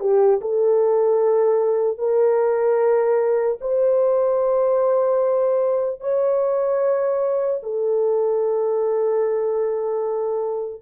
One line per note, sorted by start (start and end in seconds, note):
0.00 0.40 G4
0.41 1.98 A4
1.98 3.58 A#4
3.61 6.00 C5
6.00 7.60 C#5
7.63 10.82 A4